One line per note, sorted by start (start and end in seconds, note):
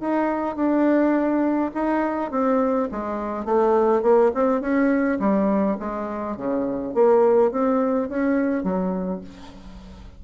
0.00 0.55 D#4
0.55 1.71 D4
1.74 2.31 D#4
2.31 2.88 C4
2.91 3.45 G#3
3.45 4.02 A3
4.02 4.31 A#3
4.34 4.60 C4
4.60 5.18 C#4
5.19 5.77 G3
5.79 6.36 G#3
6.36 6.94 C#3
6.94 7.51 A#3
7.51 8.09 C4
8.09 8.63 C#4
8.63 9.21 F#3